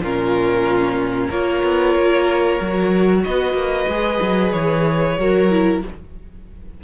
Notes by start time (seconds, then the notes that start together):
0.00 A#2 C#4 F4 A#4
1.28 A#3 F4 A#4 C#5
1.64 B3
1.96 A#3
2.61 F#3 F#4
3.24 B3 B4 D#5
3.54 A#3
3.88 G#3 G#4
4.22 F#3
4.52 E3 C#5
5.19 F#3 F#4 A#4
5.51 E4